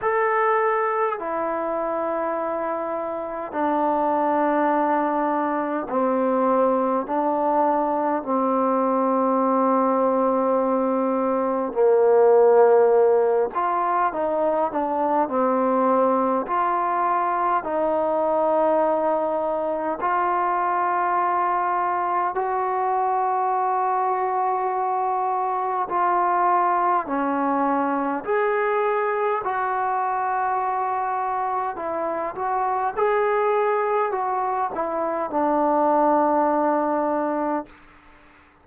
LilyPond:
\new Staff \with { instrumentName = "trombone" } { \time 4/4 \tempo 4 = 51 a'4 e'2 d'4~ | d'4 c'4 d'4 c'4~ | c'2 ais4. f'8 | dis'8 d'8 c'4 f'4 dis'4~ |
dis'4 f'2 fis'4~ | fis'2 f'4 cis'4 | gis'4 fis'2 e'8 fis'8 | gis'4 fis'8 e'8 d'2 | }